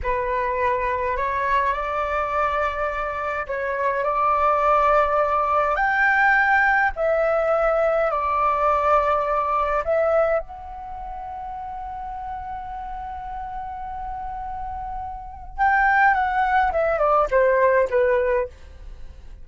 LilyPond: \new Staff \with { instrumentName = "flute" } { \time 4/4 \tempo 4 = 104 b'2 cis''4 d''4~ | d''2 cis''4 d''4~ | d''2 g''2 | e''2 d''2~ |
d''4 e''4 fis''2~ | fis''1~ | fis''2. g''4 | fis''4 e''8 d''8 c''4 b'4 | }